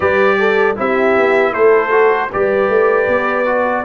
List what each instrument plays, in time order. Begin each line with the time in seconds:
0.00 tuba G3, trombone G4, horn B4, trumpet D5
0.39 horn A4
0.75 tuba C4, trombone E4, horn G4, trumpet E5
1.17 tuba B3
1.52 tuba A3, horn A4, trumpet C5
1.90 trombone F#4
2.30 tuba G3, trombone G4, horn B4, trumpet D5
2.69 tuba A3
3.08 tuba B3
3.45 trombone F#4